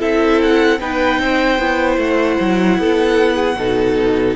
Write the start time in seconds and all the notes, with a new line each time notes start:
0.00 C4 E4 A4 E5
0.43 F#5
0.81 B3 D#4 B4 G5
1.20 C4 C5
1.59 B3 E4
1.98 A3 F#5
2.40 F#3
2.78 B3 A4
3.36 G#4
3.57 B2 D#4 A4